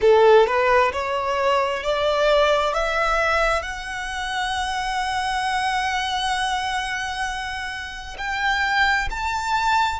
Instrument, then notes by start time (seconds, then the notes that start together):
violin
0.01 A4
0.46 B4
0.92 C#5
1.83 D5
2.73 E5
3.62 F#5
8.17 G5
9.10 A5